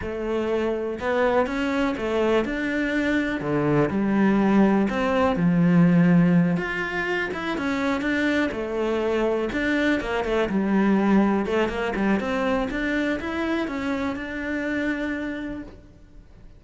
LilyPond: \new Staff \with { instrumentName = "cello" } { \time 4/4 \tempo 4 = 123 a2 b4 cis'4 | a4 d'2 d4 | g2 c'4 f4~ | f4. f'4. e'8 cis'8~ |
cis'8 d'4 a2 d'8~ | d'8 ais8 a8 g2 a8 | ais8 g8 c'4 d'4 e'4 | cis'4 d'2. | }